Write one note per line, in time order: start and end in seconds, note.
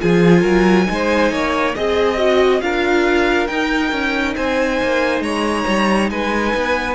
0.00 0.44 F3
0.00 0.87 F4
0.00 0.42 G#4
0.00 1.75 G#5
0.42 0.88 F#3
0.42 0.85 A#4
0.87 1.32 G#3
0.87 1.74 D#4
0.93 1.33 C5
1.32 1.75 A#3
1.32 1.76 C#5
1.76 2.62 C4
1.76 2.18 G#4
1.76 2.61 D#5
1.76 2.63 D#5
2.18 2.61 F#4
2.61 3.49 D4
2.61 3.49 F4
2.61 4.37 A#4
2.61 3.48 F5
3.48 3.92 D#4
3.48 6.95 D#4
3.48 4.35 G5
3.92 4.36 C#4
4.36 4.81 C4
4.36 5.24 C5
4.36 5.23 G#5
4.83 5.21 A#3
5.21 5.64 G#3
5.21 6.11 C#5
5.21 6.10 A#5
5.68 6.11 G3
6.11 6.54 G#3
6.11 6.95 B4
6.11 6.95 G#5
6.55 6.95 B3